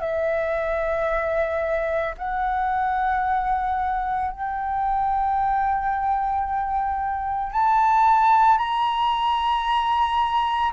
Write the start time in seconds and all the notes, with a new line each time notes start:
0.00 E5
2.17 F#5
4.31 G5
7.52 A5
8.57 A#5